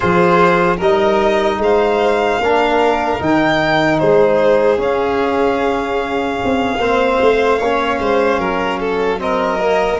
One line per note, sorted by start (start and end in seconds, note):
0.00 0.80 F3
0.00 0.77 F4
0.00 0.77 G#4
0.00 0.77 C5
0.77 1.57 G3
0.77 2.41 D#4
0.77 1.57 A#4
0.77 1.61 D#5
1.57 2.37 G#3
1.57 2.41 C5
1.57 3.22 F5
2.39 3.19 A#3
2.39 3.19 D4
2.39 4.00 A#4
3.19 4.00 D#3
3.19 4.77 D#4
3.19 3.99 G5
3.99 4.78 G#3
3.99 6.80 G#4
3.99 4.79 C5
4.77 6.77 C#4
4.77 6.38 C#4
4.77 9.21 F5
6.44 6.78 C4
6.78 7.18 A#3
6.78 7.61 C4
6.78 7.58 C5
7.21 7.60 A3
7.58 7.99 A#3
7.58 9.18 C#4
7.58 7.98 C#5
7.99 8.38 G#3
7.99 8.39 C5
8.38 9.98 F#3
8.38 8.79 A#4
8.79 9.19 A4
9.18 9.58 C4
9.18 10.00 A#4
9.18 10.00 D#5
9.59 9.99 A#3